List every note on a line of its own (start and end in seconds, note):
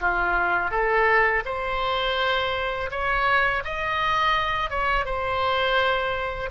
0.00 0.70 F4
0.70 1.43 A4
1.45 2.89 C5
2.90 3.63 C#5
3.64 4.70 D#5
4.70 5.05 C#5
5.05 6.49 C5